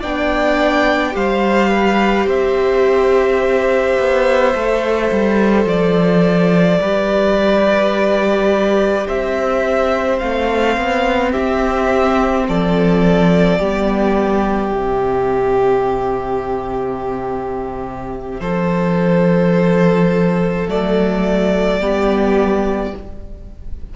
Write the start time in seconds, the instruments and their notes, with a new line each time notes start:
0.00 cello B3, viola D4, violin D5 G5
1.12 cello G3, viola G4, violin C5 F5
1.70 violin B4
2.27 cello C4, violin C5 E5
3.99 cello B3
4.55 cello A3, viola A4
5.12 cello G3
5.65 cello F3, violin D5
6.81 cello G3, viola G4, violin B4
9.07 cello C4, violin C5 E5
10.19 cello A3, viola C4, violin F5
10.77 cello B3
11.31 cello C4, violin G4 E5
12.48 cello F3, violin A4 D5
13.59 cello G3, viola B3, violin G4
14.73 cello C3, viola C4, violin E5
18.41 cello F3, violin A4 C5
20.68 cello F#3, viola A3, violin D5
21.80 cello G3, viola B3, violin G4